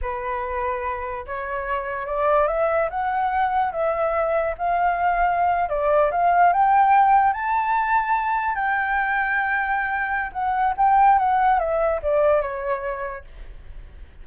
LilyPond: \new Staff \with { instrumentName = "flute" } { \time 4/4 \tempo 4 = 145 b'2. cis''4~ | cis''4 d''4 e''4 fis''4~ | fis''4 e''2 f''4~ | f''4.~ f''16 d''4 f''4 g''16~ |
g''4.~ g''16 a''2~ a''16~ | a''8. g''2.~ g''16~ | g''4 fis''4 g''4 fis''4 | e''4 d''4 cis''2 | }